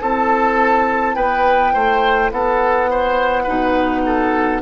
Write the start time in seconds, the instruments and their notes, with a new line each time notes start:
0.00 bassoon C4, clarinet E4, oboe A4, flute A5
1.15 bassoon B3, oboe B4, flute G5
1.74 bassoon A3, oboe C5
2.31 bassoon B3, oboe A4, flute F#5
2.90 oboe C5
3.43 bassoon B2, clarinet D#4, oboe B4
4.06 oboe A4